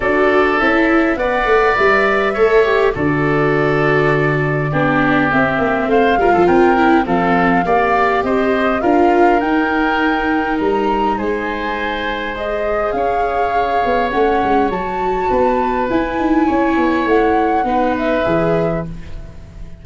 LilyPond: <<
  \new Staff \with { instrumentName = "flute" } { \time 4/4 \tempo 4 = 102 d''4 e''4 fis''4 e''4~ | e''4 d''2.~ | d''4 e''4 f''4 g''4 | f''2 dis''4 f''4 |
g''2 ais''4 gis''4~ | gis''4 dis''4 f''2 | fis''4 a''2 gis''4~ | gis''4 fis''4. e''4. | }
  \new Staff \with { instrumentName = "oboe" } { \time 4/4 a'2 d''2 | cis''4 a'2. | g'2 c''8 ais'16 a'16 ais'4 | a'4 d''4 c''4 ais'4~ |
ais'2. c''4~ | c''2 cis''2~ | cis''2 b'2 | cis''2 b'2 | }
  \new Staff \with { instrumentName = "viola" } { \time 4/4 fis'4 e'4 b'2 | a'8 g'8 fis'2. | d'4 c'4. f'4 e'8 | c'4 g'2 f'4 |
dis'1~ | dis'4 gis'2. | cis'4 fis'2 e'4~ | e'2 dis'4 gis'4 | }
  \new Staff \with { instrumentName = "tuba" } { \time 4/4 d'4 cis'4 b8 a8 g4 | a4 d2. | b4 c'8 ais8 a8 g16 f16 c'4 | f4 ais4 c'4 d'4 |
dis'2 g4 gis4~ | gis2 cis'4. b8 | a8 gis8 fis4 b4 e'8 dis'8 | cis'8 b8 a4 b4 e4 | }
>>